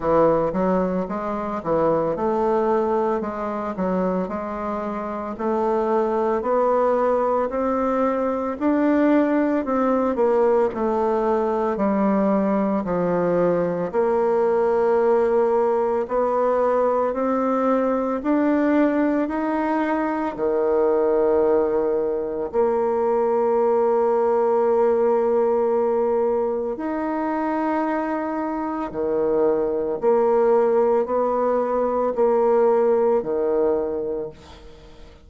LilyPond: \new Staff \with { instrumentName = "bassoon" } { \time 4/4 \tempo 4 = 56 e8 fis8 gis8 e8 a4 gis8 fis8 | gis4 a4 b4 c'4 | d'4 c'8 ais8 a4 g4 | f4 ais2 b4 |
c'4 d'4 dis'4 dis4~ | dis4 ais2.~ | ais4 dis'2 dis4 | ais4 b4 ais4 dis4 | }